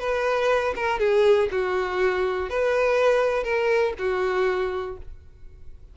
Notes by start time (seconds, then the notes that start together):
0.00 B4
0.76 A#4
1.00 G#4
1.51 F#4
2.50 B4
3.44 A#4
3.98 F#4